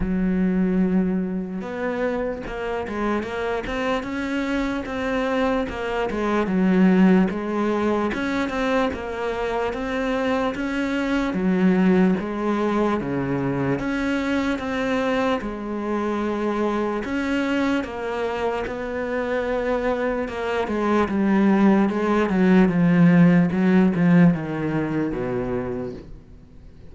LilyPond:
\new Staff \with { instrumentName = "cello" } { \time 4/4 \tempo 4 = 74 fis2 b4 ais8 gis8 | ais8 c'8 cis'4 c'4 ais8 gis8 | fis4 gis4 cis'8 c'8 ais4 | c'4 cis'4 fis4 gis4 |
cis4 cis'4 c'4 gis4~ | gis4 cis'4 ais4 b4~ | b4 ais8 gis8 g4 gis8 fis8 | f4 fis8 f8 dis4 b,4 | }